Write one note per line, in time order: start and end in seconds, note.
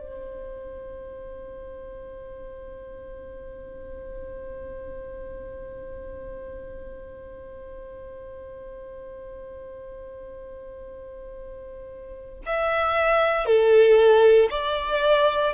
0.00 12.41 C5
12.47 13.46 E5
13.46 14.49 A4
14.51 15.54 D5